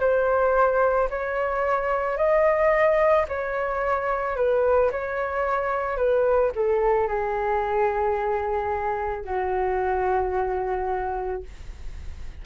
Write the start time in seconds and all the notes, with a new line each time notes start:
0.00 C5
1.10 C#5
2.17 D#5
3.28 C#5
4.36 B4
4.92 C#5
5.97 B4
6.56 A4
7.08 G#4
9.25 F#4